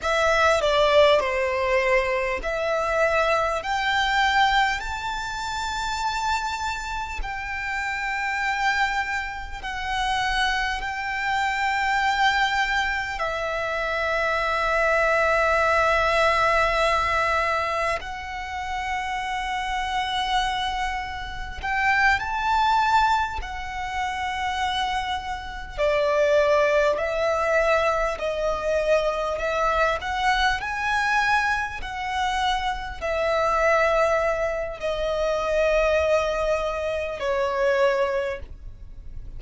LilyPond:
\new Staff \with { instrumentName = "violin" } { \time 4/4 \tempo 4 = 50 e''8 d''8 c''4 e''4 g''4 | a''2 g''2 | fis''4 g''2 e''4~ | e''2. fis''4~ |
fis''2 g''8 a''4 fis''8~ | fis''4. d''4 e''4 dis''8~ | dis''8 e''8 fis''8 gis''4 fis''4 e''8~ | e''4 dis''2 cis''4 | }